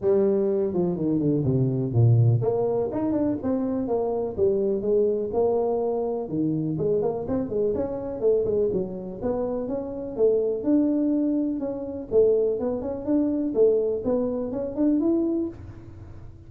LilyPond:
\new Staff \with { instrumentName = "tuba" } { \time 4/4 \tempo 4 = 124 g4. f8 dis8 d8 c4 | ais,4 ais4 dis'8 d'8 c'4 | ais4 g4 gis4 ais4~ | ais4 dis4 gis8 ais8 c'8 gis8 |
cis'4 a8 gis8 fis4 b4 | cis'4 a4 d'2 | cis'4 a4 b8 cis'8 d'4 | a4 b4 cis'8 d'8 e'4 | }